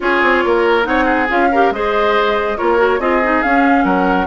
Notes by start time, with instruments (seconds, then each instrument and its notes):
0.00 bassoon C#4, clarinet F4, oboe G#4, flute C#5
0.22 bassoon C4
0.45 bassoon A#3, oboe A#4
0.83 bassoon C4, clarinet D#4, oboe C#5, flute F#5
1.04 oboe G#4
1.28 bassoon C#4, clarinet F4, flute F5
1.51 clarinet G4, oboe A#4
1.70 bassoon G#3, clarinet G#4, oboe C5, flute D#5
2.57 bassoon A#3, clarinet F4, oboe A#4, flute C#5
2.77 clarinet F#4
2.99 bassoon C4, clarinet F4, oboe G#4, flute D#5
3.23 clarinet D#4
3.42 clarinet C#4, bassoon C#4, flute F5
3.84 bassoon F#3, oboe A#4, flute F#5